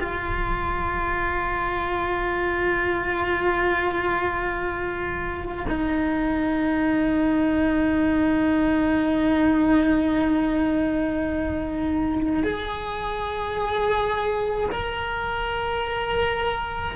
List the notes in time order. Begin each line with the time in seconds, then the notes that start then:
0.00 F4
5.69 D#4
12.44 G#4
14.72 A#4